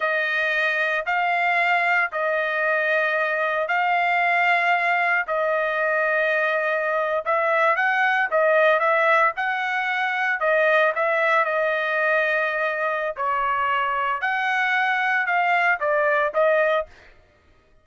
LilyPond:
\new Staff \with { instrumentName = "trumpet" } { \time 4/4 \tempo 4 = 114 dis''2 f''2 | dis''2. f''4~ | f''2 dis''2~ | dis''4.~ dis''16 e''4 fis''4 dis''16~ |
dis''8. e''4 fis''2 dis''16~ | dis''8. e''4 dis''2~ dis''16~ | dis''4 cis''2 fis''4~ | fis''4 f''4 d''4 dis''4 | }